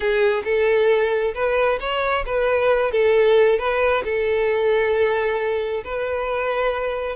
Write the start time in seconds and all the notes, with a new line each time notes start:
0.00 G#4
0.44 A4
1.34 B4
1.80 C#5
2.26 B4
2.91 A4
3.58 B4
4.04 A4
5.84 B4